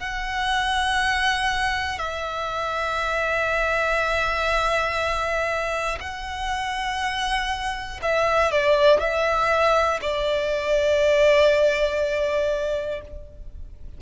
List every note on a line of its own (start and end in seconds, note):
0.00 1.99 F#5
1.99 5.99 E5
6.00 8.00 F#5
8.02 8.52 E5
8.52 9.00 D5
9.00 10.00 E5
10.02 13.02 D5